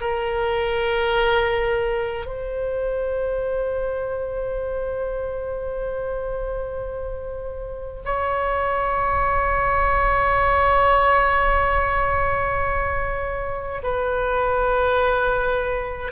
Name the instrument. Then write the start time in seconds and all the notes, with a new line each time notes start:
oboe
0.00 A#4
2.26 C5
8.05 C#5
13.83 B4